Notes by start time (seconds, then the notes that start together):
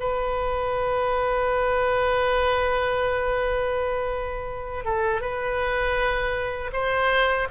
0.00 B4
4.85 A4
5.21 B4
6.73 C5